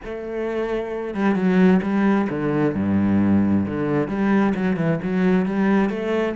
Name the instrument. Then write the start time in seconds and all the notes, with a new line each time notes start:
cello
0.04 A3
1.14 G3
1.35 F#3
1.82 G3
2.29 D3
2.74 G2
3.65 D3
4.08 G3
4.55 F#3
4.76 E3
5.02 F#3
5.45 G3
5.89 A3